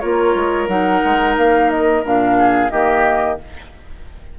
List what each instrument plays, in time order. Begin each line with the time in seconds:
0.00 bassoon A#3, clarinet F4, oboe A#4, flute C#5
0.35 bassoon G#3
0.68 bassoon F#3, clarinet D#4, flute F#5
1.05 bassoon G#3
1.37 bassoon A#3, flute F5
1.70 flute D#5
2.03 bassoon A#2, clarinet D4, flute F5
2.38 oboe G#4
2.70 bassoon D#3, clarinet A#3, oboe G4, flute D#5